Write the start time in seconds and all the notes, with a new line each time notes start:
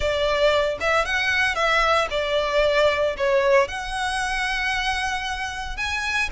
0.00 D5
0.80 E5
1.05 F#5
1.55 E5
2.10 D5
3.17 C#5
3.67 F#5
5.76 G#5